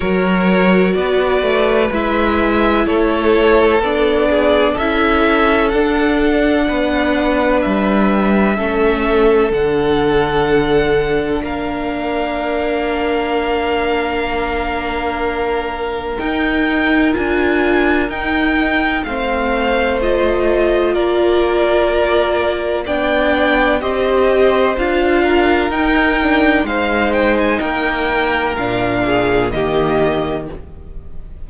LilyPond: <<
  \new Staff \with { instrumentName = "violin" } { \time 4/4 \tempo 4 = 63 cis''4 d''4 e''4 cis''4 | d''4 e''4 fis''2 | e''2 fis''2 | f''1~ |
f''4 g''4 gis''4 g''4 | f''4 dis''4 d''2 | g''4 dis''4 f''4 g''4 | f''8 g''16 gis''16 g''4 f''4 dis''4 | }
  \new Staff \with { instrumentName = "violin" } { \time 4/4 ais'4 b'2 a'4~ | a'8 gis'8 a'2 b'4~ | b'4 a'2. | ais'1~ |
ais'1 | c''2 ais'2 | d''4 c''4. ais'4. | c''4 ais'4. gis'8 g'4 | }
  \new Staff \with { instrumentName = "viola" } { \time 4/4 fis'2 e'2 | d'4 e'4 d'2~ | d'4 cis'4 d'2~ | d'1~ |
d'4 dis'4 f'4 dis'4 | c'4 f'2. | d'4 g'4 f'4 dis'8 d'8 | dis'2 d'4 ais4 | }
  \new Staff \with { instrumentName = "cello" } { \time 4/4 fis4 b8 a8 gis4 a4 | b4 cis'4 d'4 b4 | g4 a4 d2 | ais1~ |
ais4 dis'4 d'4 dis'4 | a2 ais2 | b4 c'4 d'4 dis'4 | gis4 ais4 ais,4 dis4 | }
>>